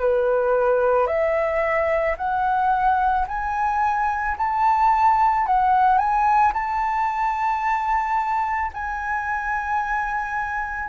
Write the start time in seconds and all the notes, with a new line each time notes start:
0.00 B4
1.07 E5
2.18 F#5
3.28 G#5
4.38 A5
5.47 F#5
5.99 G#5
6.54 A5
8.74 G#5